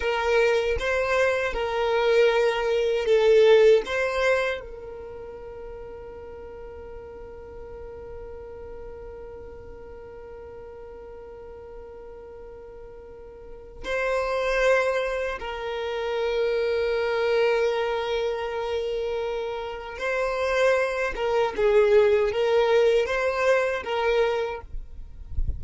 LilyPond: \new Staff \with { instrumentName = "violin" } { \time 4/4 \tempo 4 = 78 ais'4 c''4 ais'2 | a'4 c''4 ais'2~ | ais'1~ | ais'1~ |
ais'2 c''2 | ais'1~ | ais'2 c''4. ais'8 | gis'4 ais'4 c''4 ais'4 | }